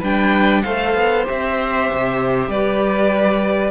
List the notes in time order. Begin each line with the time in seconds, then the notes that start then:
0.00 G3 D4 B4 G5
0.63 A3 A4 C5 F5
0.95 B3
1.24 C4 G4 E5
1.93 C3
2.48 G3 B4 D5